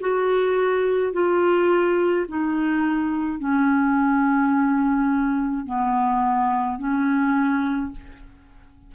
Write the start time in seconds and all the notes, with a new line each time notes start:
0.00 F#4
1.13 F4
2.28 D#4
3.39 C#4
5.66 B3
6.78 C#4